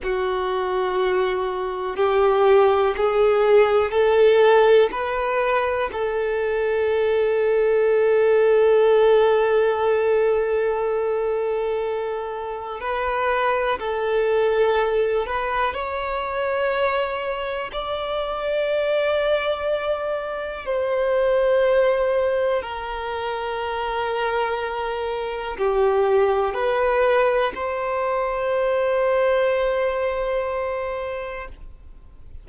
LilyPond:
\new Staff \with { instrumentName = "violin" } { \time 4/4 \tempo 4 = 61 fis'2 g'4 gis'4 | a'4 b'4 a'2~ | a'1~ | a'4 b'4 a'4. b'8 |
cis''2 d''2~ | d''4 c''2 ais'4~ | ais'2 g'4 b'4 | c''1 | }